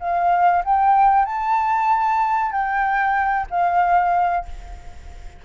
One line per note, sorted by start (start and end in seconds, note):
0.00 0.63 F5
0.65 1.26 G5
1.26 2.52 A5
2.52 3.47 G5
3.51 4.45 F5